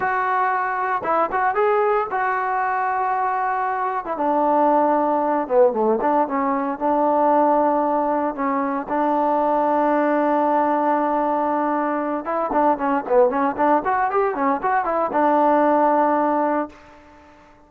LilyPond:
\new Staff \with { instrumentName = "trombone" } { \time 4/4 \tempo 4 = 115 fis'2 e'8 fis'8 gis'4 | fis'2.~ fis'8. e'16 | d'2~ d'8 b8 a8 d'8 | cis'4 d'2. |
cis'4 d'2.~ | d'2.~ d'8 e'8 | d'8 cis'8 b8 cis'8 d'8 fis'8 g'8 cis'8 | fis'8 e'8 d'2. | }